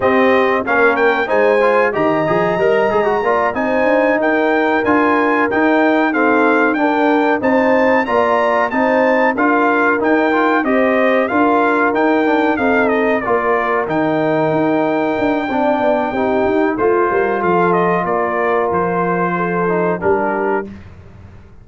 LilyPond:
<<
  \new Staff \with { instrumentName = "trumpet" } { \time 4/4 \tempo 4 = 93 dis''4 f''8 g''8 gis''4 ais''4~ | ais''4. gis''4 g''4 gis''8~ | gis''8 g''4 f''4 g''4 a''8~ | a''8 ais''4 a''4 f''4 g''8~ |
g''8 dis''4 f''4 g''4 f''8 | dis''8 d''4 g''2~ g''8~ | g''2 c''4 f''8 dis''8 | d''4 c''2 ais'4 | }
  \new Staff \with { instrumentName = "horn" } { \time 4/4 g'4 ais'4 c''4 dis''4~ | dis''4 d''8 c''4 ais'4.~ | ais'4. a'4 ais'4 c''8~ | c''8 d''4 c''4 ais'4.~ |
ais'8 c''4 ais'2 a'8~ | a'8 ais'2.~ ais'8 | d''4 g'4 f'8 ais'8 a'4 | ais'2 a'4 g'4 | }
  \new Staff \with { instrumentName = "trombone" } { \time 4/4 c'4 cis'4 dis'8 f'8 g'8 gis'8 | ais'8 gis'16 fis'16 f'8 dis'2 f'8~ | f'8 dis'4 c'4 d'4 dis'8~ | dis'8 f'4 dis'4 f'4 dis'8 |
f'8 g'4 f'4 dis'8 d'8 dis'8~ | dis'8 f'4 dis'2~ dis'8 | d'4 dis'4 f'2~ | f'2~ f'8 dis'8 d'4 | }
  \new Staff \with { instrumentName = "tuba" } { \time 4/4 c'4 ais4 gis4 dis8 f8 | g8 gis8 ais8 c'8 d'8 dis'4 d'8~ | d'8 dis'2 d'4 c'8~ | c'8 ais4 c'4 d'4 dis'8~ |
dis'8 c'4 d'4 dis'4 c'8~ | c'8 ais4 dis4 dis'4 d'8 | c'8 b8 c'8 dis'8 a8 g8 f4 | ais4 f2 g4 | }
>>